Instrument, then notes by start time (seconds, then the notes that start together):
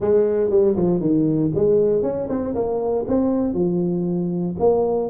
tuba
0.00 G#3
0.50 G3
0.75 F3
1.00 D#3
1.54 G#3
2.02 C#4
2.29 C4
2.54 A#3
3.07 C4
3.53 F3
4.59 A#3